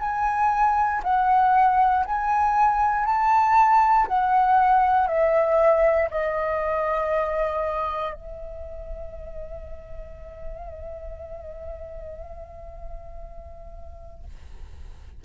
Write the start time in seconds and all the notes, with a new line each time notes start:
0.00 G#5
1.04 F#5
2.05 G#5
3.06 A5
4.07 F#5
5.08 E5
6.11 D#5
8.14 E5